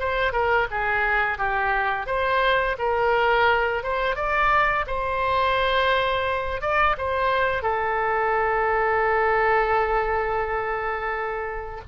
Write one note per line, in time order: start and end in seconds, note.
0.00 0.33 C5
0.33 0.68 A#4
0.71 1.38 G#4
1.38 2.07 G4
2.07 2.77 C5
2.79 3.83 A#4
3.84 4.16 C5
4.16 4.86 D5
4.87 6.62 C5
6.62 6.96 D5
6.98 7.63 C5
7.63 11.81 A4